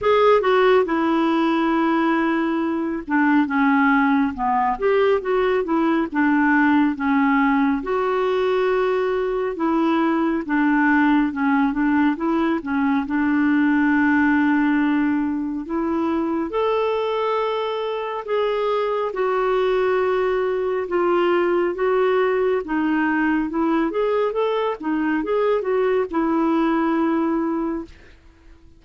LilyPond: \new Staff \with { instrumentName = "clarinet" } { \time 4/4 \tempo 4 = 69 gis'8 fis'8 e'2~ e'8 d'8 | cis'4 b8 g'8 fis'8 e'8 d'4 | cis'4 fis'2 e'4 | d'4 cis'8 d'8 e'8 cis'8 d'4~ |
d'2 e'4 a'4~ | a'4 gis'4 fis'2 | f'4 fis'4 dis'4 e'8 gis'8 | a'8 dis'8 gis'8 fis'8 e'2 | }